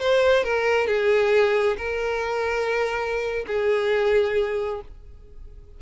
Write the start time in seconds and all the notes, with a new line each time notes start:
0.00 C5
0.44 A#4
0.87 G#4
1.78 A#4
3.47 G#4